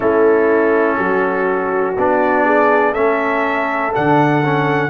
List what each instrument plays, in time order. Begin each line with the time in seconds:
0.00 tuba A3, trombone C#4, horn E4, trumpet A4
0.97 tuba F#3, horn F#4
1.97 tuba B3, trombone D4, trumpet D5
2.45 horn G#4
2.92 tuba A3, trombone C#4, horn A4, trumpet E5
3.93 tuba D3, trombone D4, trumpet F#5
4.44 trombone C#4